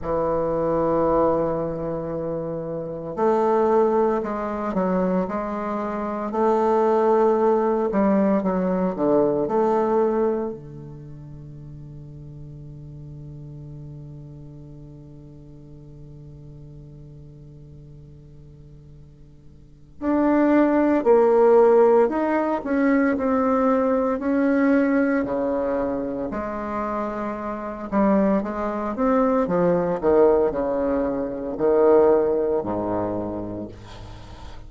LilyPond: \new Staff \with { instrumentName = "bassoon" } { \time 4/4 \tempo 4 = 57 e2. a4 | gis8 fis8 gis4 a4. g8 | fis8 d8 a4 d2~ | d1~ |
d2. d'4 | ais4 dis'8 cis'8 c'4 cis'4 | cis4 gis4. g8 gis8 c'8 | f8 dis8 cis4 dis4 gis,4 | }